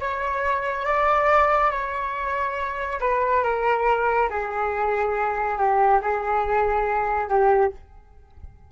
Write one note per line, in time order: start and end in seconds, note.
0.00 0.85 C#5
0.85 1.71 D5
1.71 2.99 C#5
3.00 3.43 B4
3.43 4.29 A#4
4.30 5.58 G#4
5.58 6.00 G4
6.02 7.29 G#4
7.29 7.71 G4